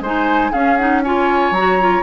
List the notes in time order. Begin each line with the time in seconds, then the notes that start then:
0.00 G#3 D#4 C5 G#5
0.51 C#4 G#4 F5
0.76 D#4 F#5
1.03 F4 C#5 G#5
1.51 F#3 A#5
1.57 F#4
1.80 F4